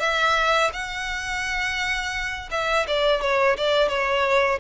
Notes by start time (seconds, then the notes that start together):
0.00 E5
0.73 F#5
2.51 E5
2.87 D5
3.21 C#5
3.57 D5
3.89 C#5